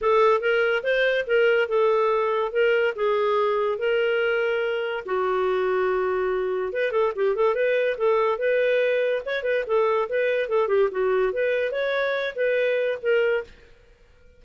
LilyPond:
\new Staff \with { instrumentName = "clarinet" } { \time 4/4 \tempo 4 = 143 a'4 ais'4 c''4 ais'4 | a'2 ais'4 gis'4~ | gis'4 ais'2. | fis'1 |
b'8 a'8 g'8 a'8 b'4 a'4 | b'2 cis''8 b'8 a'4 | b'4 a'8 g'8 fis'4 b'4 | cis''4. b'4. ais'4 | }